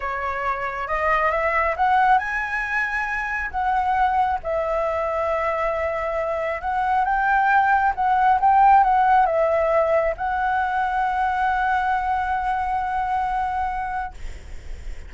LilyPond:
\new Staff \with { instrumentName = "flute" } { \time 4/4 \tempo 4 = 136 cis''2 dis''4 e''4 | fis''4 gis''2. | fis''2 e''2~ | e''2. fis''4 |
g''2 fis''4 g''4 | fis''4 e''2 fis''4~ | fis''1~ | fis''1 | }